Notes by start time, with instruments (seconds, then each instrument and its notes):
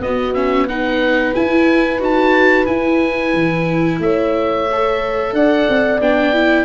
0.00 tuba B3, viola B3, horn F#4, oboe D#5
0.34 viola C#4, oboe E5
0.68 viola D#4, horn B4, oboe F#5
1.34 viola E4, tuba E4, oboe G#5
1.99 tuba D#4, viola F#4, oboe A5
2.66 viola E4, tuba E4, oboe G#5
3.33 tuba E3
3.99 tuba A3, horn C#5, oboe E5
4.72 viola A4
5.33 tuba D4, horn D5, oboe F#5
5.69 tuba C4
6.00 tuba B3, viola D4, oboe G5
6.33 viola E4